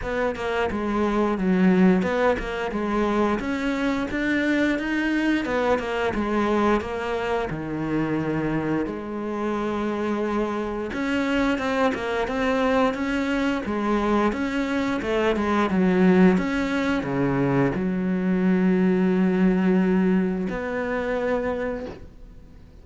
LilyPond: \new Staff \with { instrumentName = "cello" } { \time 4/4 \tempo 4 = 88 b8 ais8 gis4 fis4 b8 ais8 | gis4 cis'4 d'4 dis'4 | b8 ais8 gis4 ais4 dis4~ | dis4 gis2. |
cis'4 c'8 ais8 c'4 cis'4 | gis4 cis'4 a8 gis8 fis4 | cis'4 cis4 fis2~ | fis2 b2 | }